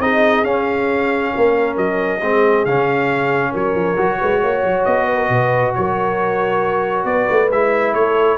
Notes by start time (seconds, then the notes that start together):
0.00 C4 D#4 G#4 D#5
0.44 C#4 F5
1.34 A#3 A#4
1.78 F#3 D#5
2.22 G#3 C4 G#4
2.66 C#3 C#4 F5
3.52 F#3 A#4 C#5
3.75 F3
3.97 F#3 F#4
4.19 G#3 B4
4.42 A#3 C#5
4.64 F#3
4.85 B3 D#5
5.06 B4
5.16 A#4
5.30 B2 B4
5.75 F#3 A#4 C#5
7.05 B3 B4 D5
7.31 A3
7.51 G#3 E4 E5
7.94 A3 A4 C#5